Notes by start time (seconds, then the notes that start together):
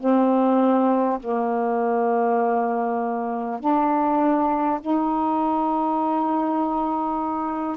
0.00 C4
1.21 A#3
3.61 D4
4.81 D#4